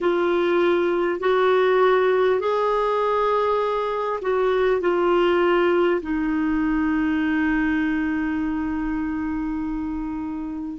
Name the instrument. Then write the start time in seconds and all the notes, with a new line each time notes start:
clarinet
0.01 F4
1.20 F#4
2.40 G#4
4.21 F#4
4.81 F4
6.01 D#4